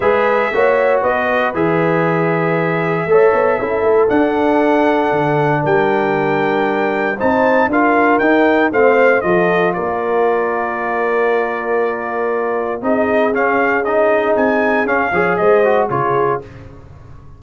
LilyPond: <<
  \new Staff \with { instrumentName = "trumpet" } { \time 4/4 \tempo 4 = 117 e''2 dis''4 e''4~ | e''1 | fis''2. g''4~ | g''2 a''4 f''4 |
g''4 f''4 dis''4 d''4~ | d''1~ | d''4 dis''4 f''4 dis''4 | gis''4 f''4 dis''4 cis''4 | }
  \new Staff \with { instrumentName = "horn" } { \time 4/4 b'4 cis''4 b'2~ | b'2 cis''4 a'4~ | a'2. ais'4~ | ais'2 c''4 ais'4~ |
ais'4 c''4 a'4 ais'4~ | ais'1~ | ais'4 gis'2.~ | gis'4. cis''8 c''4 gis'4 | }
  \new Staff \with { instrumentName = "trombone" } { \time 4/4 gis'4 fis'2 gis'4~ | gis'2 a'4 e'4 | d'1~ | d'2 dis'4 f'4 |
dis'4 c'4 f'2~ | f'1~ | f'4 dis'4 cis'4 dis'4~ | dis'4 cis'8 gis'4 fis'8 f'4 | }
  \new Staff \with { instrumentName = "tuba" } { \time 4/4 gis4 ais4 b4 e4~ | e2 a8 b8 cis'8 a8 | d'2 d4 g4~ | g2 c'4 d'4 |
dis'4 a4 f4 ais4~ | ais1~ | ais4 c'4 cis'2 | c'4 cis'8 f8 gis4 cis4 | }
>>